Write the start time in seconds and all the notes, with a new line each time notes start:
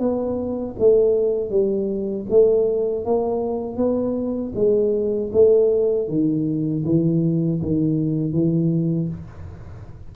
0.00 B3
0.79 A3
1.51 G3
2.30 A3
3.05 A#3
3.77 B3
4.55 G#3
5.33 A3
6.09 D#3
6.86 E3
7.62 D#3
8.33 E3